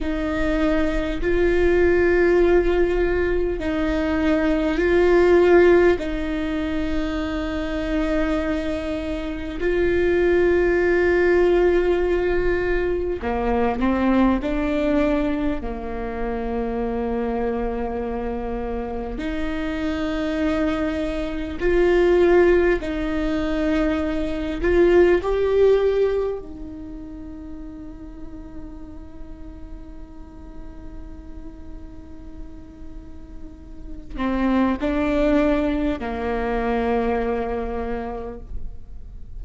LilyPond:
\new Staff \with { instrumentName = "viola" } { \time 4/4 \tempo 4 = 50 dis'4 f'2 dis'4 | f'4 dis'2. | f'2. ais8 c'8 | d'4 ais2. |
dis'2 f'4 dis'4~ | dis'8 f'8 g'4 dis'2~ | dis'1~ | dis'8 c'8 d'4 ais2 | }